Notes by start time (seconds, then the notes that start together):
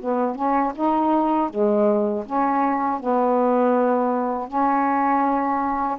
0.00 B3
0.35 C#4
0.75 D#4
1.49 G#3
2.25 C#4
2.99 B3
4.47 C#4